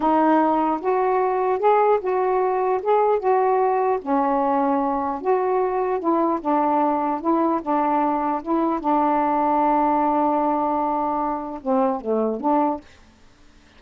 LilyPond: \new Staff \with { instrumentName = "saxophone" } { \time 4/4 \tempo 4 = 150 dis'2 fis'2 | gis'4 fis'2 gis'4 | fis'2 cis'2~ | cis'4 fis'2 e'4 |
d'2 e'4 d'4~ | d'4 e'4 d'2~ | d'1~ | d'4 c'4 a4 d'4 | }